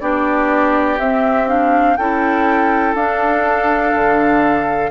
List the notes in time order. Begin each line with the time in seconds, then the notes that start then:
0.00 B3 D4 G4 D5
0.99 C4 E5
1.47 D4 F5
1.96 C#4 E4 A4 G5
2.94 D4 F5
3.94 D3